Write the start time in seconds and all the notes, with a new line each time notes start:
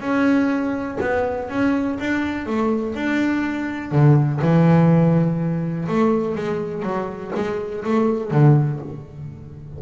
0.00 C#4
1.00 B3
1.49 C#4
2.00 D4
2.46 A3
2.94 D4
3.91 D3
4.41 E3
5.88 A3
6.35 G#3
6.82 F#3
7.35 G#3
7.84 A3
8.31 D3